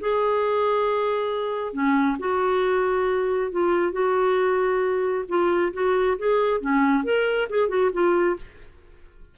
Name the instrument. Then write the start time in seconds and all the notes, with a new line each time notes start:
clarinet
0.00 G#4
1.73 C#4
2.19 F#4
3.52 F4
3.92 F#4
5.28 F4
5.73 F#4
6.18 G#4
6.60 C#4
7.04 A#4
7.49 G#4
7.68 F#4
7.93 F4